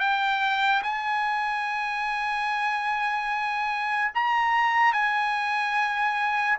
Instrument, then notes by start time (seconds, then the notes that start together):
trumpet
0.00 G5
0.83 G#5
4.15 A#5
4.93 G#5